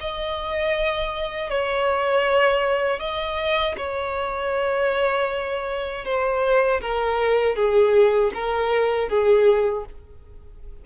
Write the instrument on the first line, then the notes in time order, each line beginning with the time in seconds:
violin
0.00 D#5
1.50 C#5
2.99 D#5
3.77 C#5
6.04 C5
6.81 A#4
7.55 G#4
8.34 A#4
9.09 G#4